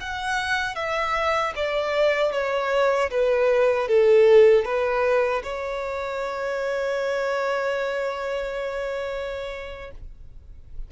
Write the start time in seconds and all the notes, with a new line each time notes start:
0.00 F#5
0.75 E5
1.55 D5
2.32 C#5
3.10 B4
3.88 A4
4.64 B4
5.43 C#5